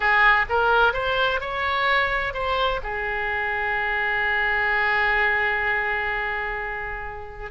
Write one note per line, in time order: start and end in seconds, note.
0.00 0.45 G#4
0.49 0.93 A#4
0.93 1.40 C5
1.40 2.33 C#5
2.33 2.80 C5
2.83 7.51 G#4